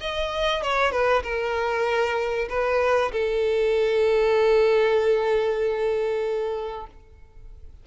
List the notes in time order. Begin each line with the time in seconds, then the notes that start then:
0.00 D#5
0.63 C#5
0.91 B4
1.23 A#4
2.49 B4
3.12 A4